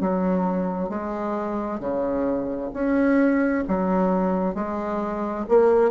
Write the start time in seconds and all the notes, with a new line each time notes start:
0.00 F#3
0.89 G#3
1.79 C#3
2.73 C#4
3.67 F#3
4.54 G#3
5.48 A#3